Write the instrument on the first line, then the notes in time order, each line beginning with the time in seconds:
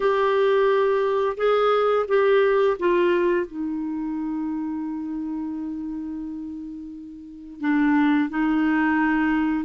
clarinet
0.00 G4
1.37 G#4
2.08 G4
2.79 F4
3.46 D#4
7.60 D4
8.29 D#4